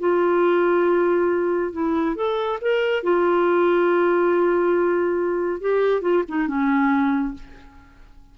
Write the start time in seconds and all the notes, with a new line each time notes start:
0.00 F4
1.73 E4
2.16 A4
2.62 A#4
3.04 F4
5.61 G4
6.02 F4
6.28 D#4
6.48 C#4